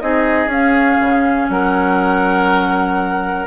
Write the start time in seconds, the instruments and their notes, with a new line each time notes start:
0.00 bassoon C4, clarinet D#4, oboe G#4, flute D#5
0.46 bassoon C#4, clarinet C#4, flute F5
1.00 bassoon C#3
1.48 bassoon F#3, oboe A#4, flute F#5